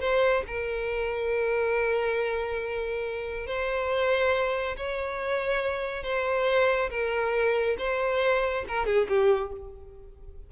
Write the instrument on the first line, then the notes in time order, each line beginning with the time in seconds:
violin
0.00 C5
0.47 A#4
3.46 C5
4.76 C#5
6.03 C5
6.90 A#4
7.78 C5
8.68 A#4
8.86 G#4
9.08 G4